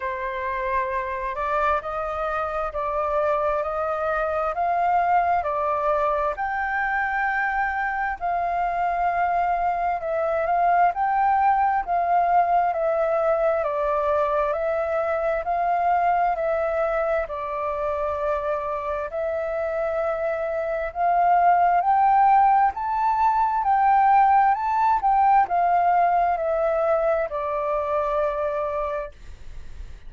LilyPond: \new Staff \with { instrumentName = "flute" } { \time 4/4 \tempo 4 = 66 c''4. d''8 dis''4 d''4 | dis''4 f''4 d''4 g''4~ | g''4 f''2 e''8 f''8 | g''4 f''4 e''4 d''4 |
e''4 f''4 e''4 d''4~ | d''4 e''2 f''4 | g''4 a''4 g''4 a''8 g''8 | f''4 e''4 d''2 | }